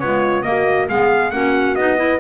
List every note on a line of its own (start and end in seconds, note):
0.00 0.44 G#3
0.00 0.44 B3
0.00 0.47 F4
0.00 0.43 C#5
0.43 0.88 A#3
0.43 0.89 A#3
0.43 0.91 F#4
0.43 0.87 D#5
0.89 1.33 G#3
0.89 1.32 B3
0.89 1.34 G#4
0.89 1.31 F5
1.31 1.76 A#3
1.31 1.77 C#4
1.31 2.00 F#4
1.31 1.75 F#5
1.76 2.20 B3
1.76 1.97 D#4
1.76 2.20 D#5
1.97 2.19 E4
1.97 2.20 B4